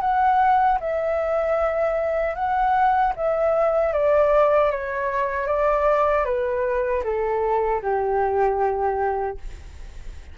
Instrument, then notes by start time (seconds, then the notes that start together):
flute
0.00 F#5
0.80 E5
2.35 F#5
3.15 E5
3.92 D5
4.71 C#5
5.47 D5
6.24 B4
7.03 A4
7.81 G4